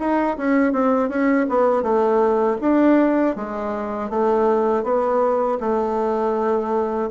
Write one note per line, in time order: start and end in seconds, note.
0.00 0.38 D#4
0.38 0.73 C#4
0.73 1.09 C4
1.09 1.47 C#4
1.49 1.83 B3
1.83 2.58 A3
2.61 3.36 D4
3.36 4.10 G#3
4.10 4.84 A3
4.84 5.59 B3
5.61 7.11 A3